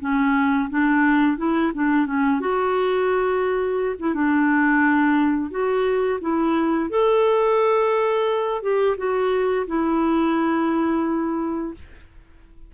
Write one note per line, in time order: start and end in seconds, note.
0.00 0.69 C#4
0.70 1.38 D4
1.38 1.72 E4
1.74 2.06 D4
2.06 2.40 C#4
2.40 3.96 F#4
3.99 4.14 E4
4.14 5.50 D4
5.50 6.19 F#4
6.21 6.90 E4
6.90 8.62 A4
8.62 8.97 G4
8.97 9.66 F#4
9.67 11.74 E4